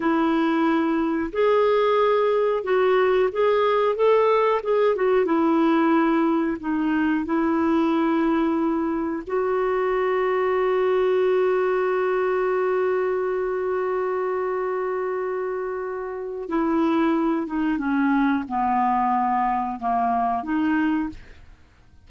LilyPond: \new Staff \with { instrumentName = "clarinet" } { \time 4/4 \tempo 4 = 91 e'2 gis'2 | fis'4 gis'4 a'4 gis'8 fis'8 | e'2 dis'4 e'4~ | e'2 fis'2~ |
fis'1~ | fis'1~ | fis'4 e'4. dis'8 cis'4 | b2 ais4 dis'4 | }